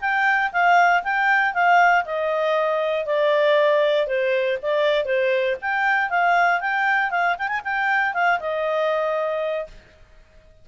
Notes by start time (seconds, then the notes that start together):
0.00 G5
0.52 F5
1.03 G5
1.53 F5
2.05 D#5
3.05 D5
4.07 C5
4.62 D5
5.05 C5
5.61 G5
6.09 F5
6.60 G5
7.10 F5
7.38 G5
7.48 G#5
7.64 G5
8.14 F5
8.39 D#5